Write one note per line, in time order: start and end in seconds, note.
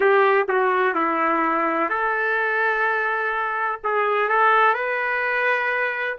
0.00 0.46 G4
0.48 0.94 F#4
0.94 1.89 E4
1.89 3.80 A4
3.83 4.29 G#4
4.29 4.74 A4
4.74 6.16 B4